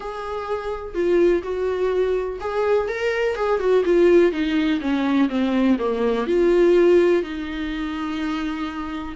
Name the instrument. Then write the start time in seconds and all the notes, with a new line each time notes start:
viola
0.00 G#4
0.94 F4
1.43 F#4
2.40 G#4
2.88 A#4
3.35 G#4
3.59 F#4
3.84 F4
4.32 D#4
4.80 C#4
5.29 C4
5.78 A#3
6.26 F4
7.22 D#4